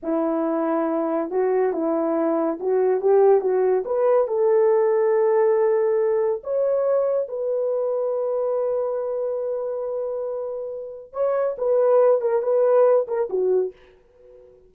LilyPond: \new Staff \with { instrumentName = "horn" } { \time 4/4 \tempo 4 = 140 e'2. fis'4 | e'2 fis'4 g'4 | fis'4 b'4 a'2~ | a'2. cis''4~ |
cis''4 b'2.~ | b'1~ | b'2 cis''4 b'4~ | b'8 ais'8 b'4. ais'8 fis'4 | }